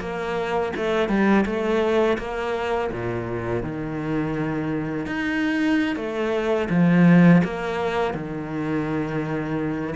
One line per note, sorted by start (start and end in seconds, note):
0.00 0.72 A#3
0.76 1.08 A3
1.08 1.45 G3
1.46 2.18 A3
2.18 2.90 A#3
2.91 3.63 A#2
3.63 5.06 D#3
5.06 5.96 D#4
5.96 6.68 A3
6.70 7.42 F3
7.44 8.14 A#3
8.14 9.95 D#3